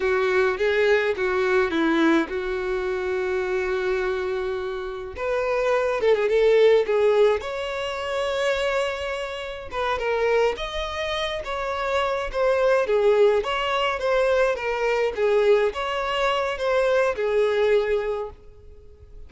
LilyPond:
\new Staff \with { instrumentName = "violin" } { \time 4/4 \tempo 4 = 105 fis'4 gis'4 fis'4 e'4 | fis'1~ | fis'4 b'4. a'16 gis'16 a'4 | gis'4 cis''2.~ |
cis''4 b'8 ais'4 dis''4. | cis''4. c''4 gis'4 cis''8~ | cis''8 c''4 ais'4 gis'4 cis''8~ | cis''4 c''4 gis'2 | }